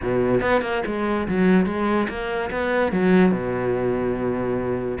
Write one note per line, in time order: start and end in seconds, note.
0.02 0.41 B2
0.41 0.61 B3
0.61 0.82 A#3
0.86 1.27 G#3
1.27 1.66 F#3
1.66 2.07 G#3
2.09 2.50 A#3
2.51 2.92 B3
2.92 3.31 F#3
3.31 4.98 B2